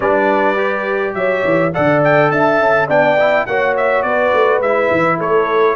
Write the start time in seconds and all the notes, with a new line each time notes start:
0.00 G3 D4 B4 D5
0.56 G4
1.14 F#3 C#5 E5
1.44 E3
1.73 D3 A4 D5 F#5
2.04 G5
2.30 D4 E5 A5
2.59 C#4
2.87 B3 D4 D5 G5
3.19 E4
3.46 A#3 F#4 C#5 F#5
3.76 E5
4.02 B3 B4 D5
4.33 A3
4.59 G#3 E4 E5
4.91 E3
5.18 A3 A4 C#5